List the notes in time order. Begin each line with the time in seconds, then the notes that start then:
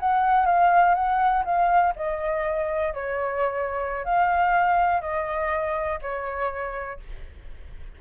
0.00 F#5
0.46 F5
0.95 F#5
1.45 F5
1.96 D#5
2.94 C#5
4.05 F5
5.01 D#5
6.02 C#5